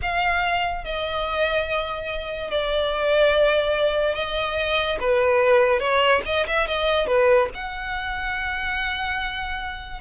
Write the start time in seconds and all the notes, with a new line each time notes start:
0.02 F5
0.84 D#5
2.50 D5
4.14 D#5
5.00 B4
5.79 C#5
6.25 D#5
6.47 E5
6.67 D#5
7.06 B4
7.54 F#5